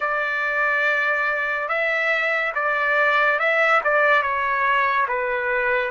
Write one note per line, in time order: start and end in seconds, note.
0.00 1.68 D5
1.68 2.52 E5
2.54 3.39 D5
3.39 3.81 E5
3.83 4.22 D5
4.22 5.07 C#5
5.07 5.90 B4